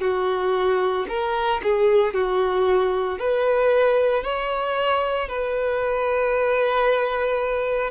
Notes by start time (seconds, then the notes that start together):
0.00 F#4
1.08 A#4
1.63 G#4
2.13 F#4
3.18 B4
4.23 C#5
5.28 B4